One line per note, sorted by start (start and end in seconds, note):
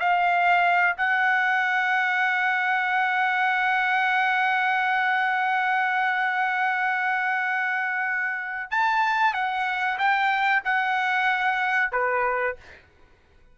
0.00 0.97 F5
0.97 8.71 F#5
8.71 9.34 A5
9.34 9.98 F#5
9.99 10.63 G5
10.65 11.92 F#5
11.92 12.57 B4